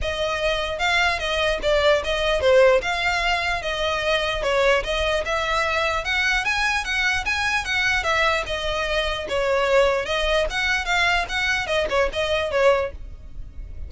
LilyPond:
\new Staff \with { instrumentName = "violin" } { \time 4/4 \tempo 4 = 149 dis''2 f''4 dis''4 | d''4 dis''4 c''4 f''4~ | f''4 dis''2 cis''4 | dis''4 e''2 fis''4 |
gis''4 fis''4 gis''4 fis''4 | e''4 dis''2 cis''4~ | cis''4 dis''4 fis''4 f''4 | fis''4 dis''8 cis''8 dis''4 cis''4 | }